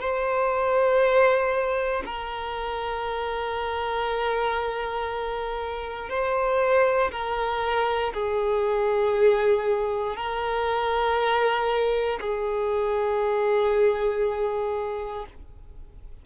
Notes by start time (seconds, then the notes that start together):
0.00 C5
2.06 A#4
6.10 C5
7.11 A#4
8.14 G#4
10.16 A#4
12.21 G#4